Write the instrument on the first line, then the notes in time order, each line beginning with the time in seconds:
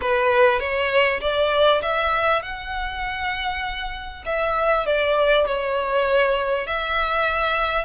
violin
0.01 B4
0.59 C#5
1.20 D5
1.82 E5
2.42 F#5
4.25 E5
4.86 D5
5.46 C#5
6.66 E5